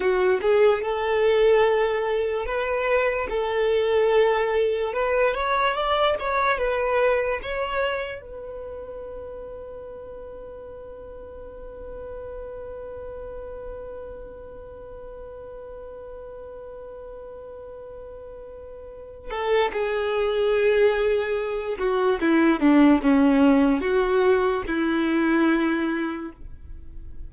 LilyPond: \new Staff \with { instrumentName = "violin" } { \time 4/4 \tempo 4 = 73 fis'8 gis'8 a'2 b'4 | a'2 b'8 cis''8 d''8 cis''8 | b'4 cis''4 b'2~ | b'1~ |
b'1~ | b'2.~ b'8 a'8 | gis'2~ gis'8 fis'8 e'8 d'8 | cis'4 fis'4 e'2 | }